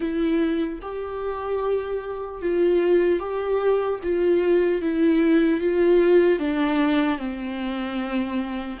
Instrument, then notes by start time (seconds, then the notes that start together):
viola
0.00 E4
0.81 G4
2.41 F4
3.19 G4
4.03 F4
4.81 E4
5.60 F4
6.39 D4
7.18 C4